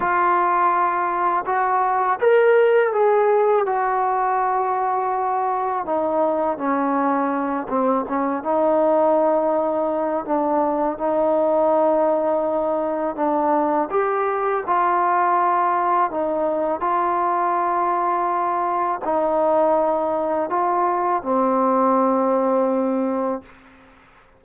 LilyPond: \new Staff \with { instrumentName = "trombone" } { \time 4/4 \tempo 4 = 82 f'2 fis'4 ais'4 | gis'4 fis'2. | dis'4 cis'4. c'8 cis'8 dis'8~ | dis'2 d'4 dis'4~ |
dis'2 d'4 g'4 | f'2 dis'4 f'4~ | f'2 dis'2 | f'4 c'2. | }